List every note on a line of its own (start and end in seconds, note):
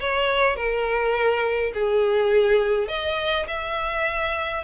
0.00 0.56 C#5
0.56 1.73 A#4
1.74 2.88 G#4
2.88 3.46 D#5
3.47 4.64 E5